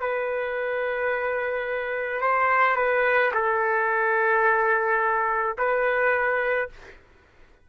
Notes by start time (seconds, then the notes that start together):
0.00 B4
2.21 C5
2.76 B4
3.34 A4
5.58 B4